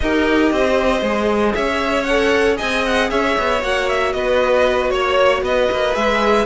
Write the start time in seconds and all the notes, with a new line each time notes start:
0.00 D#4 G4 A#4 D#5
0.52 C4 C5
1.02 G#3 G#4
1.54 C#4 C#5 E5
2.04 A4 F#5
2.56 C4 G#4 D#5 G#5
2.85 F#5
3.10 C#4 C#5 E5
3.38 B3
3.62 A#3 F#4 F#5
3.88 E5
4.12 B3 B4 D#5
4.90 A#3 C#5
5.42 B3 B4 D#5
5.71 A#3
5.94 G#3 G#4 E5